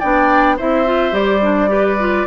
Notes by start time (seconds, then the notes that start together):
0.00 B3 D4 D5 G5
0.57 C4 E4 C5 E5
0.86 F4
1.12 G3 G4 D5
1.42 D4
1.68 G4 B4
2.00 F4